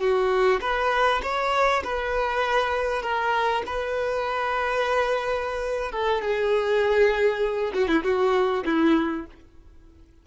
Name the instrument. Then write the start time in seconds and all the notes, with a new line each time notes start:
violin
0.00 F#4
0.61 B4
1.23 C#5
1.84 B4
3.02 A#4
3.66 B4
5.92 A4
6.21 G#4
7.74 F#4
7.88 E4
8.04 F#4
8.66 E4